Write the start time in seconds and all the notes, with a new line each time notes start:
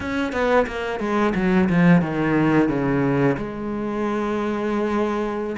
0.00 C#4
0.32 B3
0.66 A#3
0.99 G#3
1.35 F#3
1.69 F3
2.01 D#3
2.68 C#3
3.37 G#3